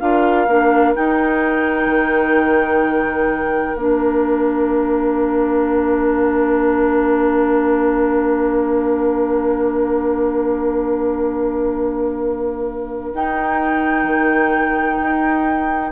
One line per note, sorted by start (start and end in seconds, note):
0.00 0.47 D4
0.00 0.48 F4
0.00 15.92 A#4
0.00 0.94 F5
0.47 0.94 A#3
0.47 0.95 D4
0.95 3.77 D#4
0.95 1.86 D#4
0.95 3.77 G5
1.86 3.74 D#3
3.76 13.13 A#3
3.76 13.15 D4
3.76 13.15 F5
13.14 14.04 D#4
13.14 15.92 D#4
13.14 15.92 G5
14.04 14.98 D#3
15.02 15.92 D#4